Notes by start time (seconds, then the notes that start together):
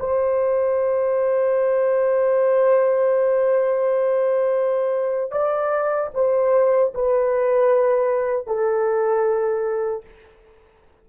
0.00 C5
5.31 D5
6.14 C5
6.94 B4
8.47 A4